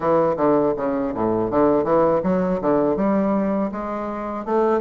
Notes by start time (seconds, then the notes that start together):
0.00 E3
0.36 D3
0.76 C#3
1.14 A2
1.50 D3
1.84 E3
2.23 F#3
2.61 D3
2.96 G3
3.71 G#3
4.45 A3